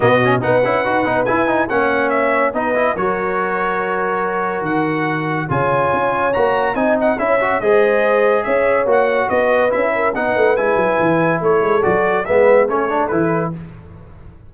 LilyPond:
<<
  \new Staff \with { instrumentName = "trumpet" } { \time 4/4 \tempo 4 = 142 dis''4 fis''2 gis''4 | fis''4 e''4 dis''4 cis''4~ | cis''2. fis''4~ | fis''4 gis''2 ais''4 |
gis''8 fis''8 e''4 dis''2 | e''4 fis''4 dis''4 e''4 | fis''4 gis''2 cis''4 | d''4 e''4 cis''4 b'4 | }
  \new Staff \with { instrumentName = "horn" } { \time 4/4 fis'4 b'2. | cis''2 b'4 ais'4~ | ais'1~ | ais'4 cis''2. |
dis''4 cis''4 c''2 | cis''2 b'4. ais'8 | b'2. a'4~ | a'4 b'4 a'2 | }
  \new Staff \with { instrumentName = "trombone" } { \time 4/4 b8 cis'8 dis'8 e'8 fis'8 dis'8 e'8 dis'8 | cis'2 dis'8 e'8 fis'4~ | fis'1~ | fis'4 f'2 fis'4 |
dis'4 e'8 fis'8 gis'2~ | gis'4 fis'2 e'4 | dis'4 e'2. | fis'4 b4 cis'8 d'8 e'4 | }
  \new Staff \with { instrumentName = "tuba" } { \time 4/4 b,4 b8 cis'8 dis'8 b8 e'4 | ais2 b4 fis4~ | fis2. dis4~ | dis4 cis4 cis'4 ais4 |
c'4 cis'4 gis2 | cis'4 ais4 b4 cis'4 | b8 a8 gis8 fis8 e4 a8 gis8 | fis4 gis4 a4 e4 | }
>>